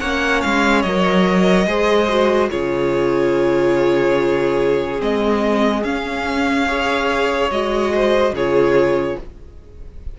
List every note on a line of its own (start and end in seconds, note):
0.00 0.44 A#3
0.00 0.87 C#4
0.00 1.67 C#5
0.00 0.42 F#5
0.42 0.84 G#3
0.42 0.82 F5
0.82 1.67 F#3
0.82 1.67 A#4
0.82 2.49 D#5
1.67 2.50 G#3
1.67 2.09 G#4
1.67 2.51 C5
2.09 2.51 F#4
2.51 5.02 C#3
2.51 4.98 F4
2.51 6.68 G#4
2.51 5.01 C#5
4.98 5.84 G#3
4.98 5.82 C4
4.98 5.84 D#5
5.84 7.51 C#4
5.84 6.68 C#4
5.84 7.51 F5
6.68 7.51 G#4
6.68 7.93 C#5
7.51 8.32 G#3
7.51 8.35 F#4
7.51 8.35 D#5
7.95 8.35 C5
8.32 9.16 C#3
8.32 9.19 F4
8.32 9.18 G#4
8.32 9.20 C#5